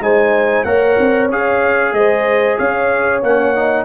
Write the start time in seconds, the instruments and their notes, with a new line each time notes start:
0.00 tuba G#3, trombone D#4, horn C5, trumpet G#5
0.64 tuba A#3, trombone A#4, horn C#5, trumpet F#5
0.99 tuba C4
1.29 tuba C#4, trombone G#4, trumpet F5
1.92 tuba G#3, horn C5, trumpet D#5
2.58 tuba C#4, horn C#5, trumpet F5
3.22 tuba A#3, trombone C#4, trumpet F#5
3.55 trombone D#4